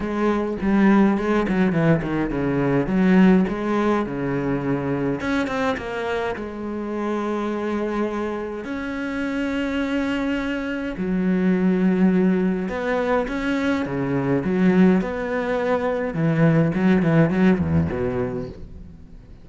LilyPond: \new Staff \with { instrumentName = "cello" } { \time 4/4 \tempo 4 = 104 gis4 g4 gis8 fis8 e8 dis8 | cis4 fis4 gis4 cis4~ | cis4 cis'8 c'8 ais4 gis4~ | gis2. cis'4~ |
cis'2. fis4~ | fis2 b4 cis'4 | cis4 fis4 b2 | e4 fis8 e8 fis8 e,8 b,4 | }